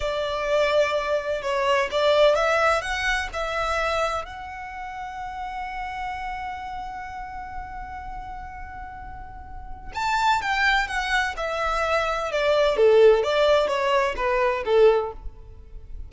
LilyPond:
\new Staff \with { instrumentName = "violin" } { \time 4/4 \tempo 4 = 127 d''2. cis''4 | d''4 e''4 fis''4 e''4~ | e''4 fis''2.~ | fis''1~ |
fis''1~ | fis''4 a''4 g''4 fis''4 | e''2 d''4 a'4 | d''4 cis''4 b'4 a'4 | }